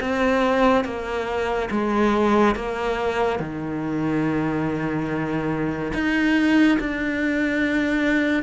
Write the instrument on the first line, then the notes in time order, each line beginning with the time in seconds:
cello
0.00 C4
0.85 A#3
1.71 G#3
2.55 A#3
3.39 D#3
5.94 D#4
6.80 D4